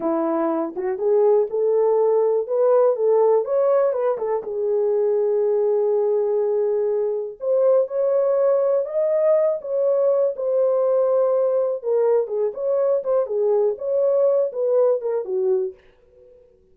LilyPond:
\new Staff \with { instrumentName = "horn" } { \time 4/4 \tempo 4 = 122 e'4. fis'8 gis'4 a'4~ | a'4 b'4 a'4 cis''4 | b'8 a'8 gis'2.~ | gis'2. c''4 |
cis''2 dis''4. cis''8~ | cis''4 c''2. | ais'4 gis'8 cis''4 c''8 gis'4 | cis''4. b'4 ais'8 fis'4 | }